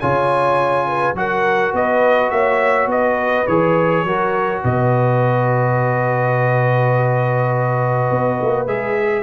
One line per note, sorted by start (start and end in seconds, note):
0.00 1.14 C#3
0.00 1.16 F4
0.00 0.87 C#5
0.00 1.15 G#5
0.87 1.16 B4
1.14 1.72 F#3
1.14 3.47 F#4
1.14 1.75 A#4
1.14 1.75 F#5
1.73 2.31 B3
1.73 2.33 B4
1.73 2.31 D#5
2.31 2.87 A#3
2.31 2.91 C#5
2.31 2.88 E5
2.87 3.45 B3
2.87 4.06 B4
2.87 3.47 D#5
3.47 4.04 E3
3.47 4.07 G#4
3.47 4.62 C#5
4.04 4.62 F#3
4.04 8.68 F#4
4.04 4.62 A#4
4.62 8.10 B2
4.62 9.24 B4
4.62 8.68 D#5
8.11 8.39 B3
8.41 8.67 A#3
8.67 9.24 G#3
8.67 9.24 G#4
8.67 9.24 E5